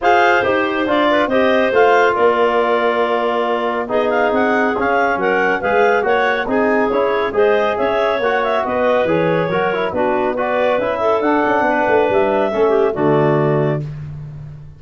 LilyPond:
<<
  \new Staff \with { instrumentName = "clarinet" } { \time 4/4 \tempo 4 = 139 f''4 c''4 d''4 dis''4 | f''4 d''2.~ | d''4 dis''8 f''8 fis''4 f''4 | fis''4 f''4 fis''4 gis''4 |
cis''4 dis''4 e''4 fis''8 e''8 | dis''4 cis''2 b'4 | d''4 e''4 fis''2 | e''2 d''2 | }
  \new Staff \with { instrumentName = "clarinet" } { \time 4/4 c''2~ c''8 b'8 c''4~ | c''4 ais'2.~ | ais'4 gis'2. | ais'4 b'4 cis''4 gis'4~ |
gis'4 c''4 cis''2 | b'2 ais'4 fis'4 | b'4. a'4. b'4~ | b'4 a'8 g'8 fis'2 | }
  \new Staff \with { instrumentName = "trombone" } { \time 4/4 gis'4 g'4 f'4 g'4 | f'1~ | f'4 dis'2 cis'4~ | cis'4 gis'4 fis'4 dis'4 |
e'4 gis'2 fis'4~ | fis'4 gis'4 fis'8 e'8 d'4 | fis'4 e'4 d'2~ | d'4 cis'4 a2 | }
  \new Staff \with { instrumentName = "tuba" } { \time 4/4 f'4 dis'4 d'4 c'4 | a4 ais2.~ | ais4 b4 c'4 cis'4 | fis4 gis4 ais4 c'4 |
cis'4 gis4 cis'4 ais4 | b4 e4 fis4 b4~ | b4 cis'4 d'8 cis'8 b8 a8 | g4 a4 d2 | }
>>